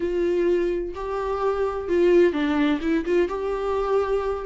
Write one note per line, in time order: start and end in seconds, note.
0.00 0.94 F4
0.95 1.88 G4
1.88 2.32 F4
2.32 2.79 D4
2.81 3.04 E4
3.05 3.28 F4
3.28 4.45 G4